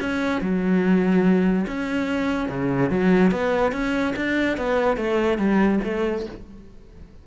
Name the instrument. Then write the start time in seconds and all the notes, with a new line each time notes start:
cello
0.00 C#4
0.41 F#3
1.67 C#4
2.49 C#3
2.90 F#3
3.31 B3
3.72 C#4
4.16 D4
4.57 B3
4.97 A3
5.38 G3
5.84 A3